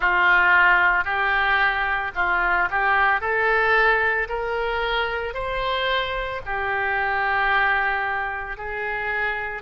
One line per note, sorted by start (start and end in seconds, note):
0.00 1.04 F4
1.04 2.11 G4
2.15 2.68 F4
2.70 3.20 G4
3.20 4.28 A4
4.29 5.34 A#4
5.34 6.41 C5
6.45 8.57 G4
8.57 9.62 G#4